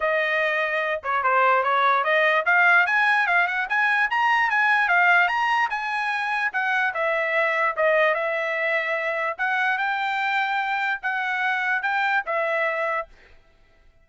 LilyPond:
\new Staff \with { instrumentName = "trumpet" } { \time 4/4 \tempo 4 = 147 dis''2~ dis''8 cis''8 c''4 | cis''4 dis''4 f''4 gis''4 | f''8 fis''8 gis''4 ais''4 gis''4 | f''4 ais''4 gis''2 |
fis''4 e''2 dis''4 | e''2. fis''4 | g''2. fis''4~ | fis''4 g''4 e''2 | }